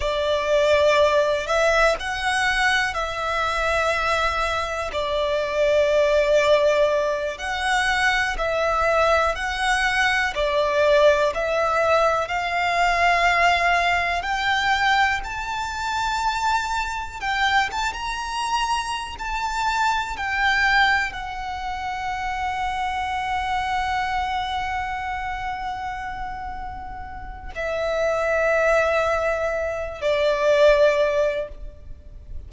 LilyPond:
\new Staff \with { instrumentName = "violin" } { \time 4/4 \tempo 4 = 61 d''4. e''8 fis''4 e''4~ | e''4 d''2~ d''8 fis''8~ | fis''8 e''4 fis''4 d''4 e''8~ | e''8 f''2 g''4 a''8~ |
a''4. g''8 a''16 ais''4~ ais''16 a''8~ | a''8 g''4 fis''2~ fis''8~ | fis''1 | e''2~ e''8 d''4. | }